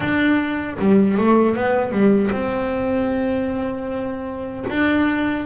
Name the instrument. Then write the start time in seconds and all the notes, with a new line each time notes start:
double bass
0.00 D4
0.79 G3
1.17 A3
1.55 B3
1.91 G3
2.31 C4
4.69 D4